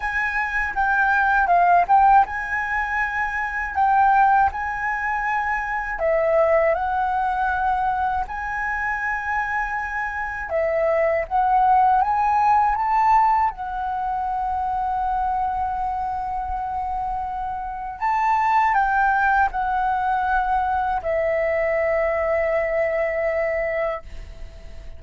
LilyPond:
\new Staff \with { instrumentName = "flute" } { \time 4/4 \tempo 4 = 80 gis''4 g''4 f''8 g''8 gis''4~ | gis''4 g''4 gis''2 | e''4 fis''2 gis''4~ | gis''2 e''4 fis''4 |
gis''4 a''4 fis''2~ | fis''1 | a''4 g''4 fis''2 | e''1 | }